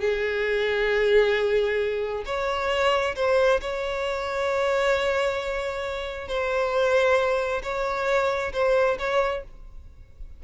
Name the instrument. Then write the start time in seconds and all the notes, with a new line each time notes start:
violin
0.00 G#4
2.25 C#5
3.15 C5
3.61 C#5
6.28 C5
7.63 C#5
8.53 C5
8.99 C#5